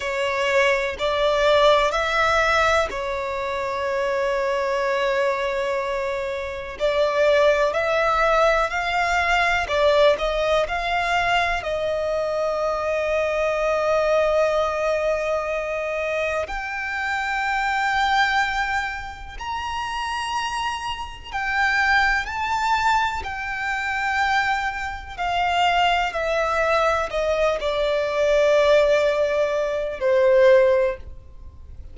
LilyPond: \new Staff \with { instrumentName = "violin" } { \time 4/4 \tempo 4 = 62 cis''4 d''4 e''4 cis''4~ | cis''2. d''4 | e''4 f''4 d''8 dis''8 f''4 | dis''1~ |
dis''4 g''2. | ais''2 g''4 a''4 | g''2 f''4 e''4 | dis''8 d''2~ d''8 c''4 | }